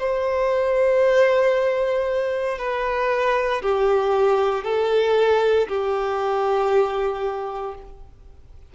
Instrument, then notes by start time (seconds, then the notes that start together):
violin
0.00 C5
2.59 B4
3.62 G4
4.65 A4
5.68 G4